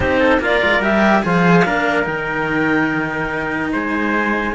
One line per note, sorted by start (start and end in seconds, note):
0.00 0.39 C4
0.00 0.40 D#4
0.00 0.19 G4
0.00 0.41 C5
0.19 0.39 A4
0.39 0.60 A#3
0.39 0.81 F4
0.39 1.23 A#4
0.39 0.83 D5
0.63 0.80 G#3
0.80 1.21 G3
0.80 1.22 G4
0.80 1.24 E5
1.22 1.66 F3
1.22 1.63 G#4
1.22 1.66 C5
1.22 2.05 F5
1.64 2.06 A#3
1.64 2.04 D4
1.64 3.72 A#4
2.04 3.72 D#3
2.04 4.52 D#4
2.04 3.70 G5
3.72 4.54 G#3
3.72 4.54 C5
3.72 4.54 G#5